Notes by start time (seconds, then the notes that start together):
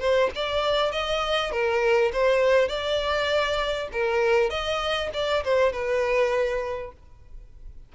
0.00 C5
0.35 D5
0.92 D#5
1.52 A#4
2.13 C5
2.68 D5
3.92 A#4
4.50 D#5
5.14 D5
5.44 C5
5.72 B4